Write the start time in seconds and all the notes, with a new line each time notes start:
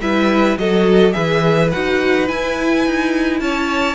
0.00 G3 E4 B4 E5
0.57 F#3 F#4 A4 D#5
1.12 E3 G#4 B4 E5
1.71 D#4 F#4 F#5
2.27 E4 G#5
2.86 D#4
3.40 C#4 C#5 A5